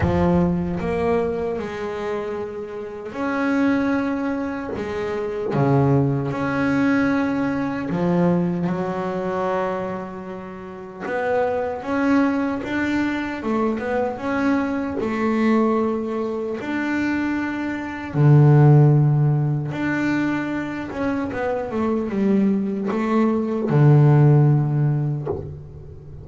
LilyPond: \new Staff \with { instrumentName = "double bass" } { \time 4/4 \tempo 4 = 76 f4 ais4 gis2 | cis'2 gis4 cis4 | cis'2 f4 fis4~ | fis2 b4 cis'4 |
d'4 a8 b8 cis'4 a4~ | a4 d'2 d4~ | d4 d'4. cis'8 b8 a8 | g4 a4 d2 | }